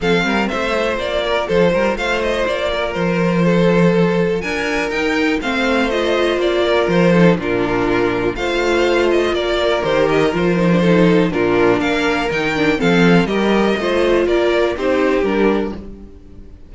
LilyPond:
<<
  \new Staff \with { instrumentName = "violin" } { \time 4/4 \tempo 4 = 122 f''4 e''4 d''4 c''4 | f''8 dis''8 d''4 c''2~ | c''4 gis''4 g''4 f''4 | dis''4 d''4 c''4 ais'4~ |
ais'4 f''4. dis''8 d''4 | c''8 dis''8 c''2 ais'4 | f''4 g''4 f''4 dis''4~ | dis''4 d''4 c''4 ais'4 | }
  \new Staff \with { instrumentName = "violin" } { \time 4/4 a'8 ais'8 c''4. ais'8 a'8 ais'8 | c''4. ais'4. a'4~ | a'4 ais'2 c''4~ | c''4. ais'4 a'8 f'4~ |
f'4 c''2 ais'4~ | ais'2 a'4 f'4 | ais'2 a'4 ais'4 | c''4 ais'4 g'2 | }
  \new Staff \with { instrumentName = "viola" } { \time 4/4 c'4. f'2~ f'8~ | f'1~ | f'2 dis'4 c'4 | f'2~ f'8 dis'8 d'4~ |
d'4 f'2. | g'4 f'8 dis'16 d'16 dis'4 d'4~ | d'4 dis'8 d'8 c'4 g'4 | f'2 dis'4 d'4 | }
  \new Staff \with { instrumentName = "cello" } { \time 4/4 f8 g8 a4 ais4 f8 g8 | a4 ais4 f2~ | f4 d'4 dis'4 a4~ | a4 ais4 f4 ais,4~ |
ais,4 a2 ais4 | dis4 f2 ais,4 | ais4 dis4 f4 g4 | a4 ais4 c'4 g4 | }
>>